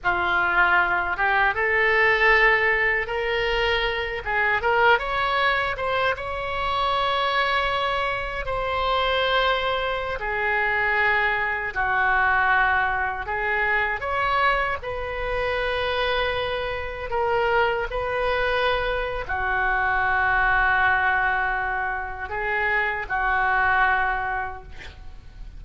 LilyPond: \new Staff \with { instrumentName = "oboe" } { \time 4/4 \tempo 4 = 78 f'4. g'8 a'2 | ais'4. gis'8 ais'8 cis''4 c''8 | cis''2. c''4~ | c''4~ c''16 gis'2 fis'8.~ |
fis'4~ fis'16 gis'4 cis''4 b'8.~ | b'2~ b'16 ais'4 b'8.~ | b'4 fis'2.~ | fis'4 gis'4 fis'2 | }